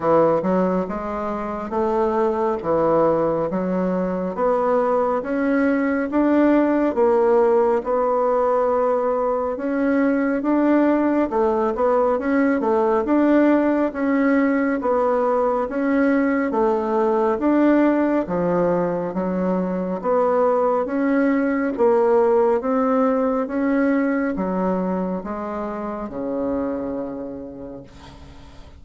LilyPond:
\new Staff \with { instrumentName = "bassoon" } { \time 4/4 \tempo 4 = 69 e8 fis8 gis4 a4 e4 | fis4 b4 cis'4 d'4 | ais4 b2 cis'4 | d'4 a8 b8 cis'8 a8 d'4 |
cis'4 b4 cis'4 a4 | d'4 f4 fis4 b4 | cis'4 ais4 c'4 cis'4 | fis4 gis4 cis2 | }